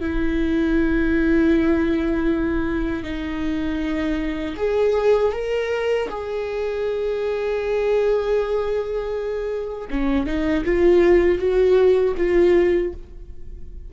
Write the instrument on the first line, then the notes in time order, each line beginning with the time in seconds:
viola
0.00 E4
3.03 D#4
4.56 G#4
5.32 A#4
6.09 G#4
9.90 C#4
10.26 D#4
10.64 F4
11.38 F#4
12.17 F4